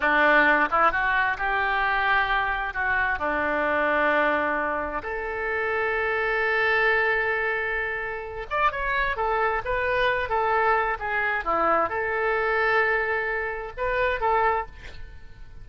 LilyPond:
\new Staff \with { instrumentName = "oboe" } { \time 4/4 \tempo 4 = 131 d'4. e'8 fis'4 g'4~ | g'2 fis'4 d'4~ | d'2. a'4~ | a'1~ |
a'2~ a'8 d''8 cis''4 | a'4 b'4. a'4. | gis'4 e'4 a'2~ | a'2 b'4 a'4 | }